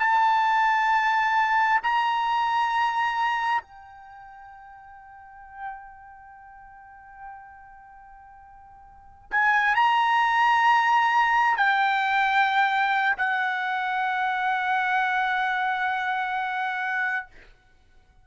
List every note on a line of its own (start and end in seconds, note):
0.00 1.82 A5
1.83 3.62 A#5
3.62 9.31 G5
9.32 9.76 G#5
9.76 11.57 A#5
11.57 13.17 G5
13.18 17.27 F#5